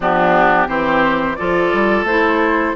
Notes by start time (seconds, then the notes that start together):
0.00 F3 B3 D4 G4
0.67 E3 C4 G4 C5
1.35 F3 F4 A4 D5
1.73 G3
2.03 A3 E4 C5